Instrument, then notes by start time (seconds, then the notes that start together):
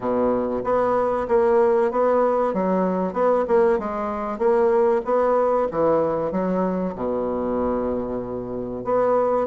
bassoon
0.00 B2
0.63 B3
1.28 A#3
1.91 B3
2.53 F#3
3.13 B3
3.47 A#3
3.78 G#3
4.38 A#3
5.04 B3
5.71 E3
6.31 F#3
6.95 B2
8.84 B3